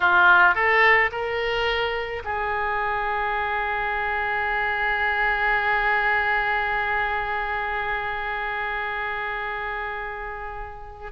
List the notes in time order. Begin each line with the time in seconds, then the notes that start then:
0.00 F4
0.54 A4
1.11 A#4
2.24 G#4